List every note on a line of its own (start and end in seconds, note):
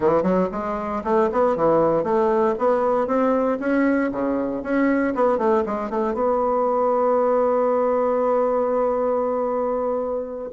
0.00 0.22 E3
0.22 0.48 F#3
0.51 1.03 G#3
1.03 1.29 A3
1.31 1.55 B3
1.55 2.03 E3
2.03 2.55 A3
2.58 3.07 B3
3.07 3.58 C4
3.59 4.10 C#4
4.11 4.62 C#3
4.62 5.14 C#4
5.14 5.38 B3
5.38 5.63 A3
5.65 5.90 G#3
5.90 6.14 A3
6.14 10.49 B3